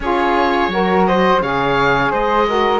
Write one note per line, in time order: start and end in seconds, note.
0.00 0.67 C#4
0.00 0.70 F4
0.00 0.72 G#4
0.00 1.06 C#5
0.67 1.38 F#3
0.67 1.40 F#4
0.67 1.07 A#4
1.06 1.42 C5
1.06 1.41 D#5
1.41 2.11 C#3
1.41 2.47 G#4
1.41 2.11 C#5
1.41 2.12 F5
2.11 2.80 G#3
2.11 2.46 C5
2.11 2.80 D#5
2.47 2.80 F#4
2.47 2.80 A#4